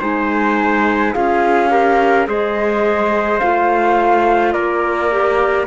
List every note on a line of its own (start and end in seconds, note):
0.00 1.15 G#3
0.00 1.13 D#4
0.00 1.13 C5
0.00 1.13 G#5
1.13 2.27 C#4
1.13 1.69 F4
1.13 1.71 G#4
1.13 2.27 F5
1.69 2.25 G4
1.69 2.27 A#4
2.25 3.40 G#3
2.25 3.39 G#4
2.25 4.53 C5
2.25 3.39 D#5
3.39 4.54 A3
3.39 5.11 F4
3.39 4.52 F5
4.52 5.67 A#3
4.52 5.66 A#4
4.52 5.65 D5
5.11 5.67 G4